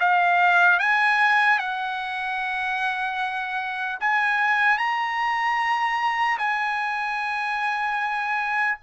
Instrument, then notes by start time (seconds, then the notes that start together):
trumpet
0.00 F5
0.80 G#5
1.59 F#5
4.00 G#5
4.78 A#5
6.38 G#5